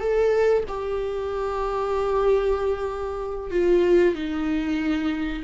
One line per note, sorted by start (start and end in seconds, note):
0.00 0.64 A4
0.68 3.51 G4
3.51 4.15 F4
4.15 5.43 D#4